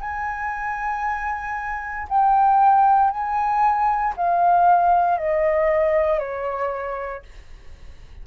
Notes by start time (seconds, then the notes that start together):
0.00 G#5
2.08 G5
3.10 G#5
4.17 F5
5.18 D#5
6.19 C#5